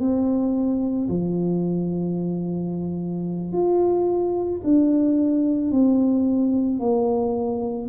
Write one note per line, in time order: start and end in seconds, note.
0.00 1.09 C4
1.09 3.53 F3
3.53 4.62 F4
4.64 5.72 D4
5.72 6.80 C4
6.80 7.89 A#3